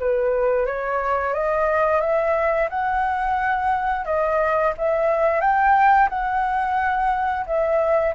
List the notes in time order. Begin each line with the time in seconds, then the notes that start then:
0.00 B4
0.66 C#5
1.34 D#5
2.01 E5
2.70 F#5
4.06 D#5
4.78 E5
5.41 G5
6.10 F#5
7.47 E5